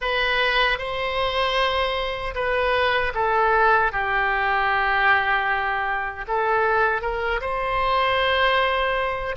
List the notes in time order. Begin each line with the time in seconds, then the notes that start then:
0.01 B4
0.78 C5
2.34 B4
3.14 A4
3.92 G4
6.27 A4
7.01 A#4
7.40 C5